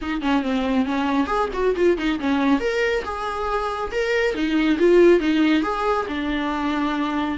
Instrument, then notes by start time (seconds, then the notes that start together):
viola
0.01 D#4
0.21 C#4
0.42 C4
0.85 C#4
1.26 G#4
1.53 F#4
1.75 F4
1.97 D#4
2.19 C#4
2.60 A#4
3.04 G#4
3.91 A#4
4.34 D#4
4.78 F4
5.20 D#4
5.63 G#4
6.08 D4